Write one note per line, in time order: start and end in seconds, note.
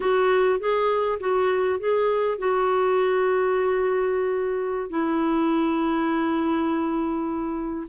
0.00 0.59 F#4
0.59 1.19 G#4
1.20 1.79 F#4
1.79 2.38 G#4
2.38 4.90 F#4
4.90 7.87 E4